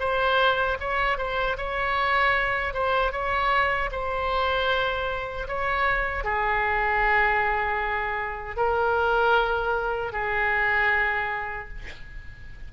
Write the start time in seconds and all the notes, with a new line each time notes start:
0.00 C5
0.80 C#5
1.18 C5
1.57 C#5
2.74 C5
3.12 C#5
3.92 C5
5.48 C#5
6.24 G#4
8.57 A#4
10.13 G#4